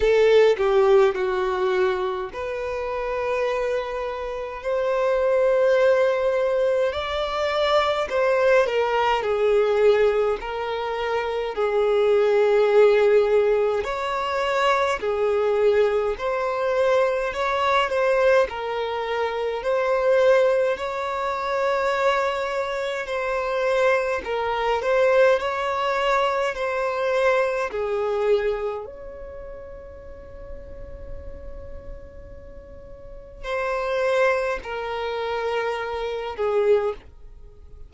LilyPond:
\new Staff \with { instrumentName = "violin" } { \time 4/4 \tempo 4 = 52 a'8 g'8 fis'4 b'2 | c''2 d''4 c''8 ais'8 | gis'4 ais'4 gis'2 | cis''4 gis'4 c''4 cis''8 c''8 |
ais'4 c''4 cis''2 | c''4 ais'8 c''8 cis''4 c''4 | gis'4 cis''2.~ | cis''4 c''4 ais'4. gis'8 | }